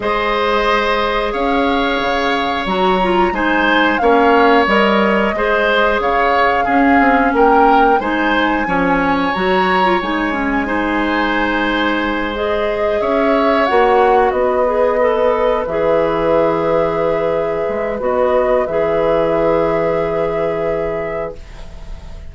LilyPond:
<<
  \new Staff \with { instrumentName = "flute" } { \time 4/4 \tempo 4 = 90 dis''2 f''2 | ais''4 gis''4 f''4 dis''4~ | dis''4 f''2 g''4 | gis''2 ais''4 gis''4~ |
gis''2~ gis''8 dis''4 e''8~ | e''8 fis''4 dis''2 e''8~ | e''2. dis''4 | e''1 | }
  \new Staff \with { instrumentName = "oboe" } { \time 4/4 c''2 cis''2~ | cis''4 c''4 cis''2 | c''4 cis''4 gis'4 ais'4 | c''4 cis''2. |
c''2.~ c''8 cis''8~ | cis''4. b'2~ b'8~ | b'1~ | b'1 | }
  \new Staff \with { instrumentName = "clarinet" } { \time 4/4 gis'1 | fis'8 f'8 dis'4 cis'4 ais'4 | gis'2 cis'2 | dis'4 cis'4 fis'8. f'16 dis'8 cis'8 |
dis'2~ dis'8 gis'4.~ | gis'8 fis'4. gis'8 a'4 gis'8~ | gis'2. fis'4 | gis'1 | }
  \new Staff \with { instrumentName = "bassoon" } { \time 4/4 gis2 cis'4 cis4 | fis4 gis4 ais4 g4 | gis4 cis4 cis'8 c'8 ais4 | gis4 f4 fis4 gis4~ |
gis2.~ gis8 cis'8~ | cis'8 ais4 b2 e8~ | e2~ e8 gis8 b4 | e1 | }
>>